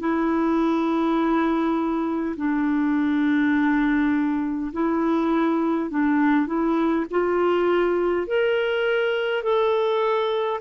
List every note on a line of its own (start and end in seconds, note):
0.00 2.35 E4
2.37 4.72 D4
4.73 5.90 E4
5.90 6.47 D4
6.47 7.06 E4
7.11 8.27 F4
8.27 9.43 A#4
9.43 10.61 A4